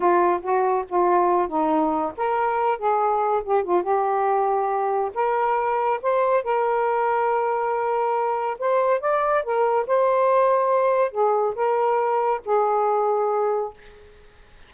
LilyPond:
\new Staff \with { instrumentName = "saxophone" } { \time 4/4 \tempo 4 = 140 f'4 fis'4 f'4. dis'8~ | dis'4 ais'4. gis'4. | g'8 f'8 g'2. | ais'2 c''4 ais'4~ |
ais'1 | c''4 d''4 ais'4 c''4~ | c''2 gis'4 ais'4~ | ais'4 gis'2. | }